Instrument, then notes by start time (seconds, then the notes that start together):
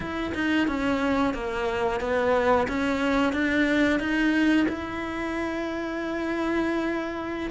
cello
0.00 E4
0.34 D#4
0.67 C#4
1.34 A#3
2.00 B3
2.68 C#4
3.32 D4
3.99 D#4
4.68 E4